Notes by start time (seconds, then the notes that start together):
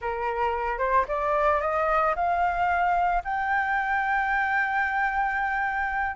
0.01 A#4
0.78 C5
1.08 D5
1.61 D#5
2.15 F5
3.24 G5